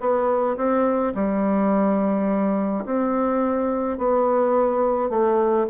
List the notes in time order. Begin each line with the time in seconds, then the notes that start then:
0.00 B3
0.57 C4
1.15 G3
2.85 C4
3.98 B3
5.10 A3